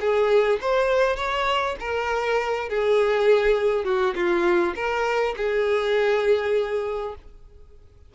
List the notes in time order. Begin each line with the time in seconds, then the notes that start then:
0.00 G#4
0.61 C5
1.16 C#5
1.80 A#4
2.69 G#4
3.85 F#4
4.15 F4
4.76 A#4
5.37 G#4